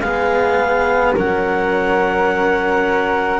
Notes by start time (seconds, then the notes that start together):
0.00 G#3 B3 G#4 F5
1.14 F#3 C#4 A#4 F#5